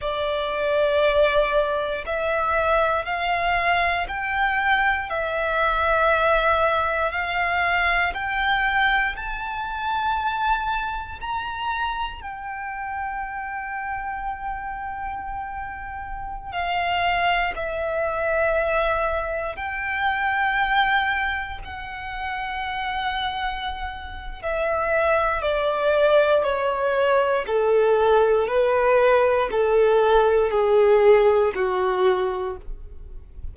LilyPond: \new Staff \with { instrumentName = "violin" } { \time 4/4 \tempo 4 = 59 d''2 e''4 f''4 | g''4 e''2 f''4 | g''4 a''2 ais''4 | g''1~ |
g''16 f''4 e''2 g''8.~ | g''4~ g''16 fis''2~ fis''8. | e''4 d''4 cis''4 a'4 | b'4 a'4 gis'4 fis'4 | }